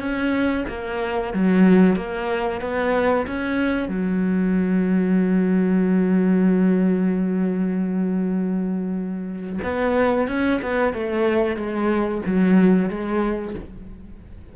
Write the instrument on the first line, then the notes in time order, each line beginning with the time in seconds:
cello
0.00 C#4
0.69 A#3
1.34 F#3
1.96 A#3
2.61 B3
3.27 C#4
3.89 F#3
9.64 B3
10.28 C#4
10.62 B3
10.94 A3
11.56 G#3
12.26 F#3
12.90 G#3